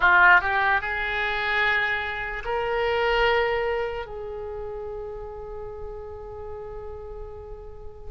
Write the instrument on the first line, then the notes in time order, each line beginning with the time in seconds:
oboe
0.00 F4
0.41 G4
0.81 G#4
2.45 A#4
4.05 G#4